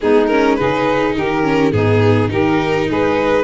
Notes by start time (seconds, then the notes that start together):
0.00 G#3 B3 D#4 G#4
0.26 C#4 A#4
0.55 C#3 D#4 G#4 B4
1.15 D#3 G4 A#4
1.43 C#4
1.72 G#2 B3 D#4 G#4
2.28 D#3 D#4 G4 A#4
2.87 G#3 G#4 B4